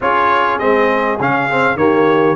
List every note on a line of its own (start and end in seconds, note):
0.00 0.60 C#4
0.00 0.59 F4
0.00 1.78 G#4
0.00 0.59 C#5
0.59 1.19 G#3
0.59 1.18 C4
0.59 1.18 D#5
1.19 1.75 C#3
1.19 1.49 C#4
1.19 1.77 F5
1.50 1.77 C4
1.75 2.35 D#3
1.75 2.35 A#3
1.75 2.35 G4
1.75 2.35 C#5